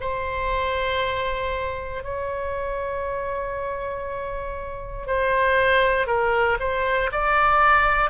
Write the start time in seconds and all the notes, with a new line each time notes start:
0.00 C5
2.03 C#5
5.06 C5
6.06 A#4
6.59 C5
7.11 D5